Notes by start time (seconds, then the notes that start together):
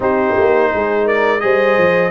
0.00 C4 D#4 G4 C5
0.38 A#3
0.72 G#3 G#4
1.05 A#4 D5
1.40 G3 G#4 C5 D#5
1.77 F3